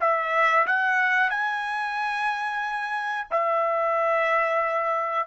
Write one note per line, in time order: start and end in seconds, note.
0.00 0.66 E5
0.67 1.30 F#5
1.30 3.28 G#5
3.30 5.27 E5